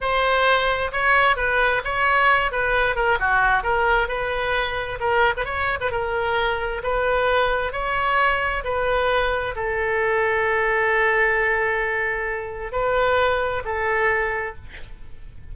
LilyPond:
\new Staff \with { instrumentName = "oboe" } { \time 4/4 \tempo 4 = 132 c''2 cis''4 b'4 | cis''4. b'4 ais'8 fis'4 | ais'4 b'2 ais'8. b'16 | cis''8. b'16 ais'2 b'4~ |
b'4 cis''2 b'4~ | b'4 a'2.~ | a'1 | b'2 a'2 | }